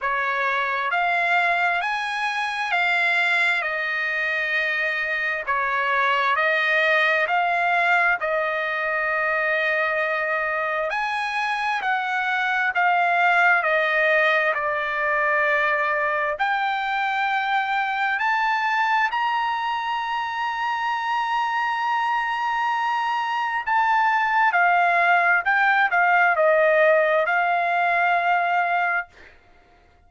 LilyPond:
\new Staff \with { instrumentName = "trumpet" } { \time 4/4 \tempo 4 = 66 cis''4 f''4 gis''4 f''4 | dis''2 cis''4 dis''4 | f''4 dis''2. | gis''4 fis''4 f''4 dis''4 |
d''2 g''2 | a''4 ais''2.~ | ais''2 a''4 f''4 | g''8 f''8 dis''4 f''2 | }